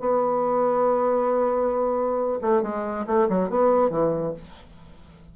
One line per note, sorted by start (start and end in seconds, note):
0.00 2.39 B3
2.41 2.62 A3
2.62 3.06 G#3
3.07 3.28 A3
3.29 3.50 F#3
3.50 3.90 B3
3.90 4.33 E3